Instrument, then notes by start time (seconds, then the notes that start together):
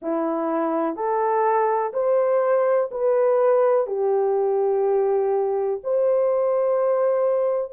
horn
0.01 E4
0.95 A4
1.93 C5
2.91 B4
3.87 G4
5.83 C5